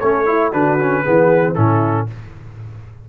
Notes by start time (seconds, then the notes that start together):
0.00 A3 C#4 A4 C#5
0.26 E4
0.52 D3 D4 F#4 B4
0.80 C#4
1.03 E3 B3 G#4
1.55 A2 C#4 E4 A4